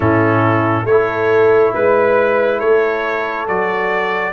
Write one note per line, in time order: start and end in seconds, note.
0.00 0.84 A2
0.00 0.86 C#4
0.00 0.86 E4
0.00 0.86 A4
0.84 1.71 A3
0.84 1.73 C#5
0.90 3.48 E4
0.90 1.74 A4
1.74 2.61 G#3
1.74 2.59 B4
2.59 3.47 A3
2.59 4.33 A4
2.59 3.46 C#5
3.47 4.33 F#3
3.47 4.33 F#4
3.47 4.33 D5